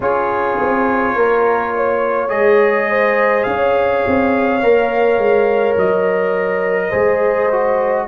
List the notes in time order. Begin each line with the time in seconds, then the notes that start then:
0.00 C#4 F4 G#4 C#5
0.60 C4
1.15 A#3 A#4
1.75 C#5
2.28 G#3 G#4 D#5
2.90 C5
3.43 C#4 F5
3.50 C#5
4.06 C4
4.62 A#3 A#4
5.18 G#3
5.76 F#3 D#5
6.88 G#3 G#4 C5
7.51 F#4